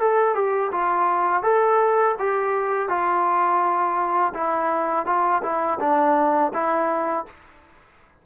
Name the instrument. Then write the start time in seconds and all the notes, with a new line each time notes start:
trombone
0.00 A4
0.35 G4
0.72 F4
1.43 A4
2.19 G4
2.89 F4
4.34 E4
5.06 F4
5.43 E4
5.80 D4
6.54 E4